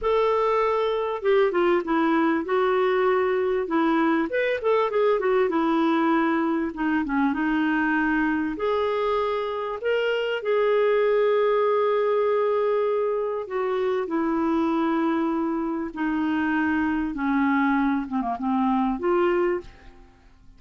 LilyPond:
\new Staff \with { instrumentName = "clarinet" } { \time 4/4 \tempo 4 = 98 a'2 g'8 f'8 e'4 | fis'2 e'4 b'8 a'8 | gis'8 fis'8 e'2 dis'8 cis'8 | dis'2 gis'2 |
ais'4 gis'2.~ | gis'2 fis'4 e'4~ | e'2 dis'2 | cis'4. c'16 ais16 c'4 f'4 | }